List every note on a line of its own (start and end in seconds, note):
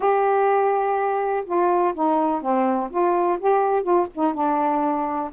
0.00 1.44 G4
1.45 1.94 F4
1.94 2.41 D#4
2.41 2.90 C4
2.90 3.38 F4
3.39 3.82 G4
3.82 4.06 F4
4.14 4.34 D#4
4.34 5.30 D4